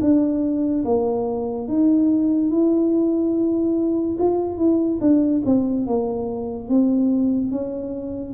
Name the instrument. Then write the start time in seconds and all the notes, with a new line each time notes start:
tuba
0.00 D4
0.84 A#3
1.67 D#4
2.50 E4
4.18 F4
4.57 E4
5.00 D4
5.45 C4
5.86 A#3
6.68 C4
7.51 C#4